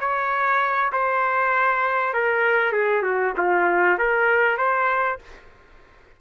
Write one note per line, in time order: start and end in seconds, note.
0.00 0.92 C#5
0.92 2.13 C5
2.13 2.72 A#4
2.72 3.02 G#4
3.02 3.33 F#4
3.37 3.99 F4
3.99 4.58 A#4
4.58 5.19 C5